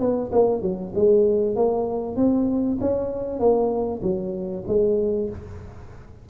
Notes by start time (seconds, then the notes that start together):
0.00 B3
0.32 A#3
0.62 F#3
0.95 G#3
1.56 A#3
2.16 C4
2.81 C#4
3.39 A#3
4.02 F#3
4.68 G#3